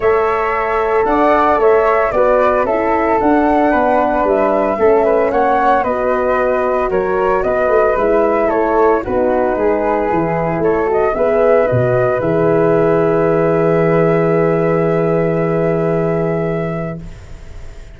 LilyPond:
<<
  \new Staff \with { instrumentName = "flute" } { \time 4/4 \tempo 4 = 113 e''2 fis''4 e''4 | d''4 e''4 fis''2 | e''2 fis''4 dis''4~ | dis''4 cis''4 dis''4 e''4 |
cis''4 b'2. | cis''8 dis''8 e''4 dis''4 e''4~ | e''1~ | e''1 | }
  \new Staff \with { instrumentName = "flute" } { \time 4/4 cis''2 d''4 cis''4 | b'4 a'2 b'4~ | b'4 a'8 b'8 cis''4 b'4~ | b'4 ais'4 b'2 |
a'4 fis'4 gis'2 | a'4 b'2.~ | b'1~ | b'1 | }
  \new Staff \with { instrumentName = "horn" } { \time 4/4 a'1 | fis'4 e'4 d'2~ | d'4 cis'2 fis'4~ | fis'2. e'4~ |
e'4 dis'2 e'4~ | e'8 fis'8 gis'4 fis'4 gis'4~ | gis'1~ | gis'1 | }
  \new Staff \with { instrumentName = "tuba" } { \time 4/4 a2 d'4 a4 | b4 cis'4 d'4 b4 | g4 a4 ais4 b4~ | b4 fis4 b8 a8 gis4 |
a4 b4 gis4 e4 | a4 b4 b,4 e4~ | e1~ | e1 | }
>>